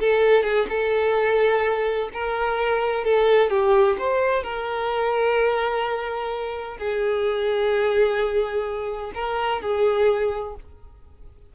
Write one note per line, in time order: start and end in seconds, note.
0.00 0.43 A4
0.43 0.67 G#4
0.69 2.10 A4
2.13 3.04 A#4
3.04 3.50 A4
3.50 3.97 G4
3.98 4.43 C5
4.43 6.78 A#4
6.78 9.12 G#4
9.15 9.62 A#4
9.62 10.55 G#4